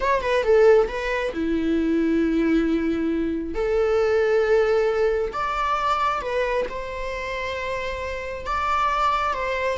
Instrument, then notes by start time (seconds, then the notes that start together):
viola
0.00 C#5
0.21 B4
0.43 A4
0.88 B4
1.33 E4
3.54 A4
5.33 D5
6.21 B4
6.69 C5
8.46 D5
9.33 C5